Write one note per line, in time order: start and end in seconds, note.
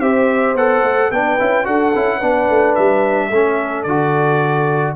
0.00 0.55 C4
0.00 0.57 G4
0.00 1.12 C5
0.00 0.56 E5
0.55 0.82 B3
0.55 1.12 A4
0.55 1.12 F#5
0.82 1.10 A3
1.11 1.39 B3
1.11 1.39 D4
1.11 1.67 B4
1.11 1.66 G5
1.39 1.67 C#4
1.39 1.64 E4
1.64 1.94 D4
1.64 1.92 F#4
1.64 2.17 A4
1.64 2.75 F#5
1.96 2.22 C#4
1.96 2.21 E4
2.17 2.49 B3
2.17 3.31 D4
2.17 3.27 B4
2.49 2.77 A3
2.75 3.31 G3
2.75 3.83 E5
3.30 3.86 A3
3.30 3.88 C#4
3.30 4.95 A4
3.83 4.96 D3
3.83 4.96 F#4
3.83 4.93 D5